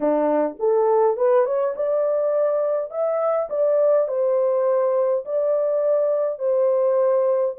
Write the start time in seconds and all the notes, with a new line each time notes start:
0.00 D4
0.59 A4
1.17 B4
1.45 C#5
1.76 D5
2.90 E5
3.49 D5
4.08 C5
5.25 D5
6.38 C5